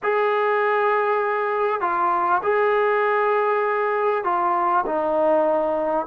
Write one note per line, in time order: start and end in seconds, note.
0.02 1.80 G#4
1.80 2.41 F4
2.42 4.24 G#4
4.24 4.84 F4
4.85 6.06 D#4